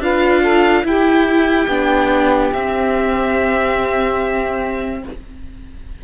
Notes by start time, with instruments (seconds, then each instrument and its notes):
0.00 cello D4, viola F4, saxophone B4, violin F5
0.41 saxophone A4
0.84 cello E4, viola E4, saxophone G4, violin G5
1.68 cello B3, viola D4
2.53 cello C4, viola C4, violin E5